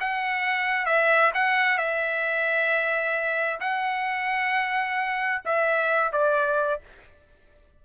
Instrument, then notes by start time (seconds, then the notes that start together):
trumpet
0.00 F#5
0.86 E5
1.34 F#5
1.78 E5
3.60 F#5
5.45 E5
6.12 D5